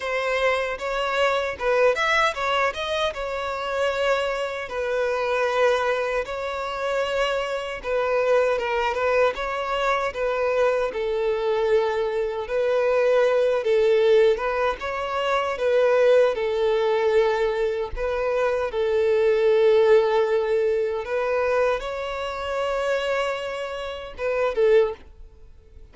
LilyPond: \new Staff \with { instrumentName = "violin" } { \time 4/4 \tempo 4 = 77 c''4 cis''4 b'8 e''8 cis''8 dis''8 | cis''2 b'2 | cis''2 b'4 ais'8 b'8 | cis''4 b'4 a'2 |
b'4. a'4 b'8 cis''4 | b'4 a'2 b'4 | a'2. b'4 | cis''2. b'8 a'8 | }